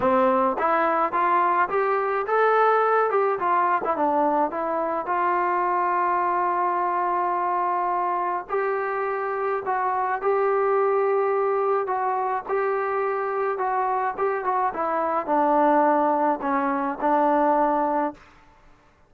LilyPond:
\new Staff \with { instrumentName = "trombone" } { \time 4/4 \tempo 4 = 106 c'4 e'4 f'4 g'4 | a'4. g'8 f'8. e'16 d'4 | e'4 f'2.~ | f'2. g'4~ |
g'4 fis'4 g'2~ | g'4 fis'4 g'2 | fis'4 g'8 fis'8 e'4 d'4~ | d'4 cis'4 d'2 | }